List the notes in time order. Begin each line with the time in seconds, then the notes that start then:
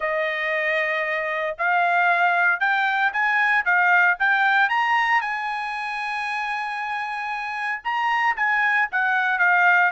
0.00 D#5
1.58 F5
2.59 G5
3.12 G#5
3.65 F5
4.19 G5
4.69 A#5
5.21 G#5
7.84 A#5
8.36 G#5
8.91 F#5
9.39 F5